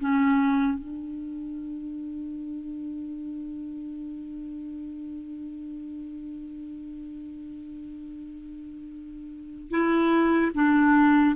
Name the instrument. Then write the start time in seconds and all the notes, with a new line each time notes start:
clarinet
0.00 C#4
0.79 D4
9.70 E4
10.54 D4